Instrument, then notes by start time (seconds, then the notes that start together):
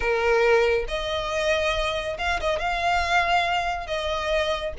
violin
0.00 A#4
0.88 D#5
2.18 F5
2.40 D#5
2.59 F5
3.86 D#5